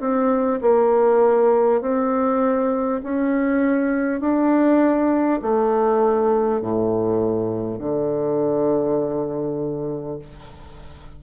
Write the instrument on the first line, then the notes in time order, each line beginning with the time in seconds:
bassoon
0.00 C4
0.61 A#3
1.81 C4
3.03 C#4
4.20 D4
5.42 A3
6.61 A2
7.78 D3